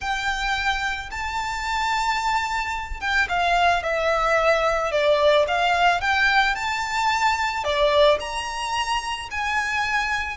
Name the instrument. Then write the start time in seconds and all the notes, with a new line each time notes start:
violin
0.00 G5
1.11 A5
3.00 G5
3.29 F5
3.83 E5
4.91 D5
5.47 F5
6.00 G5
6.55 A5
7.63 D5
8.20 A#5
9.30 G#5